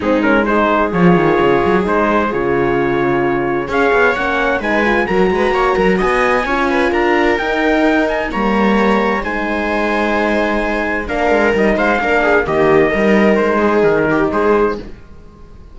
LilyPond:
<<
  \new Staff \with { instrumentName = "trumpet" } { \time 4/4 \tempo 4 = 130 gis'8 ais'8 c''4 cis''2 | c''4 cis''2. | f''4 fis''4 gis''4 ais''4~ | ais''4 gis''2 ais''4 |
g''4. gis''8 ais''2 | gis''1 | f''4 dis''8 f''4. dis''4~ | dis''4 c''4 ais'4 c''4 | }
  \new Staff \with { instrumentName = "viola" } { \time 4/4 dis'4 gis'2.~ | gis'1 | cis''2 b'4 ais'8 b'8 | cis''8 ais'8 dis''4 cis''8 b'8 ais'4~ |
ais'2 cis''2 | c''1 | ais'4. c''8 ais'8 gis'8 g'4 | ais'4. gis'4 g'8 gis'4 | }
  \new Staff \with { instrumentName = "horn" } { \time 4/4 c'8 cis'8 dis'4 f'2 | dis'4 f'2. | gis'4 cis'4 dis'8 f'8 fis'4~ | fis'2 f'2 |
dis'2 ais2 | dis'1 | d'4 dis'4 d'4 ais4 | dis'1 | }
  \new Staff \with { instrumentName = "cello" } { \time 4/4 gis2 f8 dis8 cis8 fis8 | gis4 cis2. | cis'8 b8 ais4 gis4 fis8 gis8 | ais8 fis8 b4 cis'4 d'4 |
dis'2 g2 | gis1 | ais8 gis8 g8 gis8 ais4 dis4 | g4 gis4 dis4 gis4 | }
>>